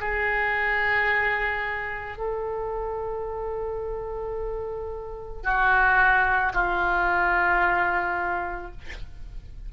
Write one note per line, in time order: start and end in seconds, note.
0.00 2.18 G#4
2.18 5.43 A4
5.43 6.53 F#4
6.54 8.72 F4